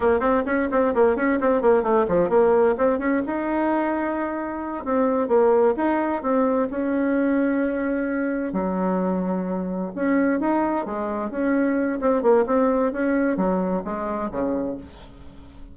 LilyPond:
\new Staff \with { instrumentName = "bassoon" } { \time 4/4 \tempo 4 = 130 ais8 c'8 cis'8 c'8 ais8 cis'8 c'8 ais8 | a8 f8 ais4 c'8 cis'8 dis'4~ | dis'2~ dis'8 c'4 ais8~ | ais8 dis'4 c'4 cis'4.~ |
cis'2~ cis'8 fis4.~ | fis4. cis'4 dis'4 gis8~ | gis8 cis'4. c'8 ais8 c'4 | cis'4 fis4 gis4 cis4 | }